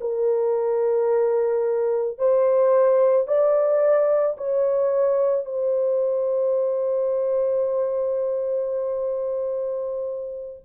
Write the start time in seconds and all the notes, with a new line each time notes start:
0.00 A#4
2.18 C5
3.27 D5
4.37 C#5
5.45 C5